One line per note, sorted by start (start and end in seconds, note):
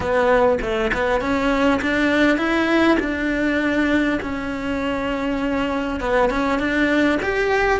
0.00 0.58 B3
0.61 0.91 A3
0.93 1.20 B3
1.20 1.80 C#4
1.81 2.37 D4
2.37 2.97 E4
2.99 4.19 D4
4.22 6.00 C#4
6.00 6.29 B3
6.29 6.59 C#4
6.59 7.19 D4
7.22 7.80 G4